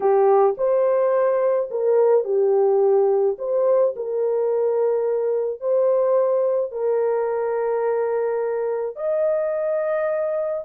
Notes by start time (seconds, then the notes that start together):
0.00 G4
0.57 C5
1.70 A#4
2.24 G4
3.38 C5
3.96 A#4
5.60 C5
6.71 A#4
8.96 D#5